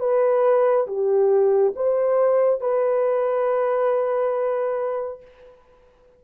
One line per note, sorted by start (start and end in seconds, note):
0.00 0.87 B4
0.87 1.74 G4
1.76 2.61 C5
2.61 5.22 B4